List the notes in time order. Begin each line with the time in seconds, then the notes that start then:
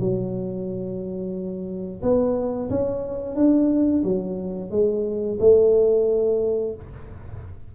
0.00 F#3
2.03 B3
2.70 C#4
3.36 D4
4.04 F#3
4.71 G#3
5.40 A3